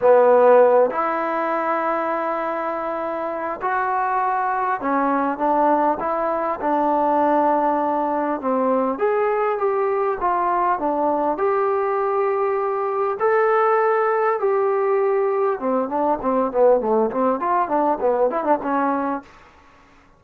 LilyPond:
\new Staff \with { instrumentName = "trombone" } { \time 4/4 \tempo 4 = 100 b4. e'2~ e'8~ | e'2 fis'2 | cis'4 d'4 e'4 d'4~ | d'2 c'4 gis'4 |
g'4 f'4 d'4 g'4~ | g'2 a'2 | g'2 c'8 d'8 c'8 b8 | a8 c'8 f'8 d'8 b8 e'16 d'16 cis'4 | }